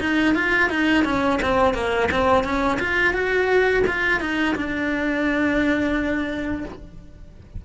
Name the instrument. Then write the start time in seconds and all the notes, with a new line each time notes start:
cello
0.00 D#4
0.35 F4
0.70 D#4
1.04 C#4
1.42 C4
1.74 A#3
2.11 C4
2.44 C#4
2.79 F4
3.14 F#4
3.87 F4
4.20 D#4
4.55 D4